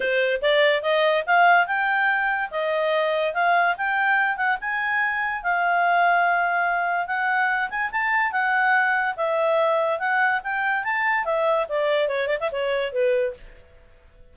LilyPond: \new Staff \with { instrumentName = "clarinet" } { \time 4/4 \tempo 4 = 144 c''4 d''4 dis''4 f''4 | g''2 dis''2 | f''4 g''4. fis''8 gis''4~ | gis''4 f''2.~ |
f''4 fis''4. gis''8 a''4 | fis''2 e''2 | fis''4 g''4 a''4 e''4 | d''4 cis''8 d''16 e''16 cis''4 b'4 | }